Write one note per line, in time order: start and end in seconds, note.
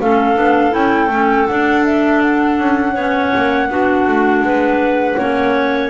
0.00 0.36 A3
0.00 0.35 C#4
0.00 2.93 A4
0.00 0.74 F5
0.35 0.73 B3
0.35 0.71 D4
0.71 1.07 C#4
0.71 1.08 E4
0.71 1.47 G5
1.07 1.44 A3
1.07 1.47 C#4
1.47 2.96 D4
1.47 2.59 D4
1.47 1.84 F#5
1.85 2.22 E5
2.22 5.90 F#5
2.59 2.95 C#4
2.93 3.32 B3
2.93 3.69 C#4
2.93 3.67 C#5
3.35 3.70 A#3
3.69 4.07 B3
3.69 5.17 D4
3.69 4.44 F#4
4.07 4.41 A3
4.41 5.15 G#3
4.41 5.18 B4
5.18 5.90 A#3
5.18 5.90 C#4
5.18 5.90 C#5